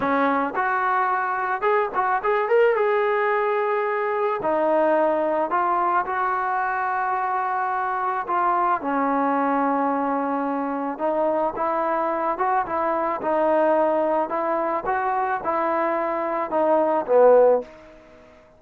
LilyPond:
\new Staff \with { instrumentName = "trombone" } { \time 4/4 \tempo 4 = 109 cis'4 fis'2 gis'8 fis'8 | gis'8 ais'8 gis'2. | dis'2 f'4 fis'4~ | fis'2. f'4 |
cis'1 | dis'4 e'4. fis'8 e'4 | dis'2 e'4 fis'4 | e'2 dis'4 b4 | }